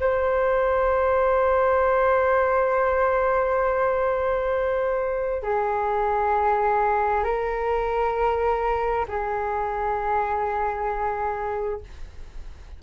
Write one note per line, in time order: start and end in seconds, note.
0.00 5.43 C5
5.43 7.24 G#4
7.24 9.06 A#4
9.08 11.81 G#4